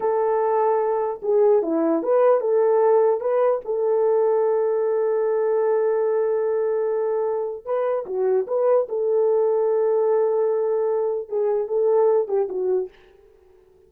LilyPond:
\new Staff \with { instrumentName = "horn" } { \time 4/4 \tempo 4 = 149 a'2. gis'4 | e'4 b'4 a'2 | b'4 a'2.~ | a'1~ |
a'2. b'4 | fis'4 b'4 a'2~ | a'1 | gis'4 a'4. g'8 fis'4 | }